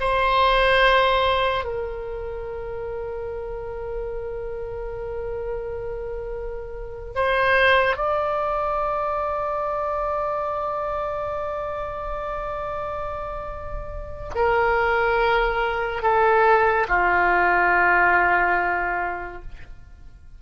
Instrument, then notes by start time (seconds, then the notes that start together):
oboe
0.00 C5
1.64 A#4
7.15 C5
7.96 D5
14.35 A#4
16.03 A4
16.89 F4